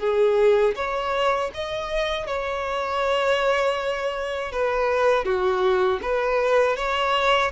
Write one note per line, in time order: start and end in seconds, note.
0.00 0.75 G#4
0.76 1.51 C#5
1.54 2.27 D#5
2.27 4.52 C#5
4.52 5.25 B4
5.25 6.00 F#4
6.02 6.77 B4
6.77 7.52 C#5